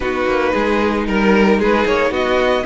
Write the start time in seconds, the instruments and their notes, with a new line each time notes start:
0.00 cello B3, viola D#4, violin F#4 B4
0.26 cello A#3
0.53 cello G#3, violin G#4
1.06 cello G3, violin A#4
1.58 cello G#3, violin G#4 B4
1.86 cello A#3, violin C#5
2.10 cello B3, violin F#4 D#5